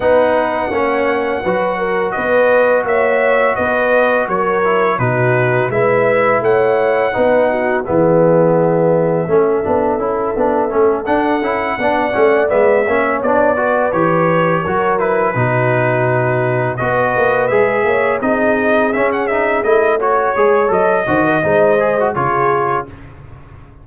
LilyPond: <<
  \new Staff \with { instrumentName = "trumpet" } { \time 4/4 \tempo 4 = 84 fis''2. dis''4 | e''4 dis''4 cis''4 b'4 | e''4 fis''2 e''4~ | e''2.~ e''8 fis''8~ |
fis''4. e''4 d''4 cis''8~ | cis''4 b'2~ b'8 dis''8~ | dis''8 e''4 dis''4 e''16 fis''16 e''8 dis''8 | cis''4 dis''2 cis''4 | }
  \new Staff \with { instrumentName = "horn" } { \time 4/4 b'4 cis''4 b'8 ais'8 b'4 | cis''4 b'4 ais'4 fis'4 | b'4 cis''4 b'8 fis'8 gis'4~ | gis'4 a'2.~ |
a'8 d''4. cis''4 b'4~ | b'8 ais'4 fis'2 b'8~ | b'4 cis''8 gis'2~ gis'8 | cis''4. c''16 ais'16 c''4 gis'4 | }
  \new Staff \with { instrumentName = "trombone" } { \time 4/4 dis'4 cis'4 fis'2~ | fis'2~ fis'8 e'8 dis'4 | e'2 dis'4 b4~ | b4 cis'8 d'8 e'8 d'8 cis'8 d'8 |
e'8 d'8 cis'8 b8 cis'8 d'8 fis'8 g'8~ | g'8 fis'8 e'8 dis'2 fis'8~ | fis'8 gis'4 dis'4 cis'8 dis'8 e'8 | fis'8 gis'8 a'8 fis'8 dis'8 gis'16 fis'16 f'4 | }
  \new Staff \with { instrumentName = "tuba" } { \time 4/4 b4 ais4 fis4 b4 | ais4 b4 fis4 b,4 | gis4 a4 b4 e4~ | e4 a8 b8 cis'8 b8 a8 d'8 |
cis'8 b8 a8 gis8 ais8 b4 e8~ | e8 fis4 b,2 b8 | ais8 gis8 ais8 c'4 cis'4 a8~ | a8 gis8 fis8 dis8 gis4 cis4 | }
>>